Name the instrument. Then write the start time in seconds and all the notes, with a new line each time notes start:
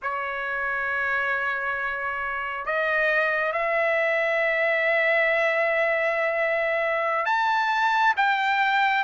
trumpet
0.02 C#5
2.65 D#5
3.52 E5
7.25 A5
8.17 G5